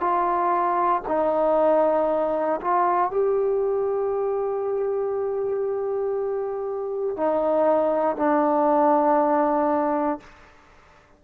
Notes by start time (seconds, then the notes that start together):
0.00 F4
1.08 D#4
2.61 F4
3.11 G4
7.16 D#4
8.16 D4